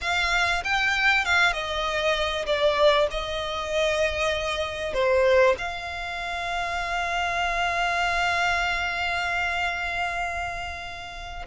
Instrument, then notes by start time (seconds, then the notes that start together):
violin
0.01 F5
0.64 G5
1.25 F5
1.52 D#5
2.45 D5
3.10 D#5
4.93 C5
5.58 F5